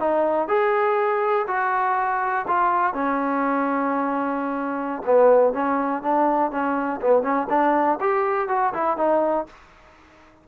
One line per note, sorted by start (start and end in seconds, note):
0.00 0.48 D#4
0.48 1.47 G#4
1.48 2.46 F#4
2.48 2.94 F4
2.94 5.03 C#4
5.06 5.54 B3
5.54 6.03 C#4
6.03 6.51 D4
6.51 7.01 C#4
7.01 7.23 B3
7.23 7.47 C#4
7.50 7.99 D4
8.01 8.49 G4
8.49 8.73 F#4
8.74 8.97 E4
8.97 9.46 D#4